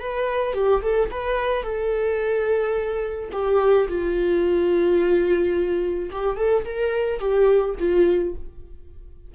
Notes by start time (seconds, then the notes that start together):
0.00 B4
0.54 G4
0.82 A4
1.11 B4
1.63 A4
3.32 G4
3.88 F4
6.11 G4
6.37 A4
6.65 A#4
7.20 G4
7.80 F4